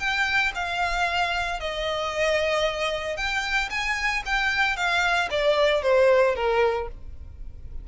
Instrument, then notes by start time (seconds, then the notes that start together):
violin
0.00 G5
0.56 F5
1.61 D#5
3.17 G5
3.71 G#5
4.26 G5
4.77 F5
5.31 D5
5.83 C5
6.36 A#4